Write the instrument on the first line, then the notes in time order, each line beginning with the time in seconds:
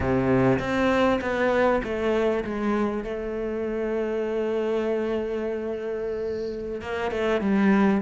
cello
0.00 C3
0.59 C4
1.21 B3
1.83 A3
2.44 G#3
3.04 A3
6.81 A#3
7.11 A3
7.40 G3